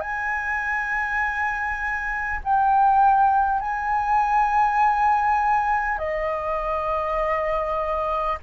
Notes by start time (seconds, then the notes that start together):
0.00 G#5
2.43 G5
3.60 G#5
5.98 D#5